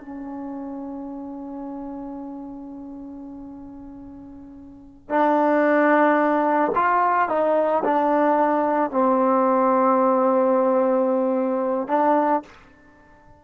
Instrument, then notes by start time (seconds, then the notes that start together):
trombone
0.00 C#4
5.09 D4
6.75 F4
7.29 D#4
7.85 D4
8.91 C4
11.88 D4